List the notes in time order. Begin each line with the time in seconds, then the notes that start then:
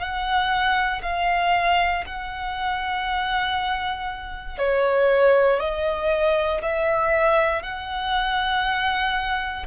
0.00 F#5
1.03 F5
2.07 F#5
4.59 C#5
5.60 D#5
6.62 E5
7.63 F#5